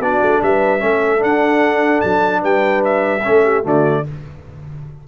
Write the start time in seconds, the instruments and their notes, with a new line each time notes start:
0.00 tuba B3, trombone D4, horn F#4, trumpet D5
0.22 tuba A3
0.43 tuba G3, horn B4, trumpet E5
0.80 tuba A3, trombone C#4, horn A4
1.19 trombone D4, tuba D4, trumpet F#5
2.01 tuba F#3, trumpet A5
2.42 tuba G3, horn B4, trumpet G5
2.85 trumpet E5
3.24 tuba A3, trombone C#4, horn A4
3.44 horn G4
3.64 tuba D3, trombone A3, horn F#4, trumpet D5